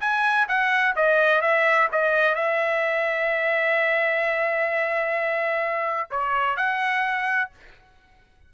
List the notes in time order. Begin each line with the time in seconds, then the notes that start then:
0.00 G#5
0.48 F#5
0.95 D#5
1.41 E5
1.92 D#5
2.35 E5
6.10 C#5
6.56 F#5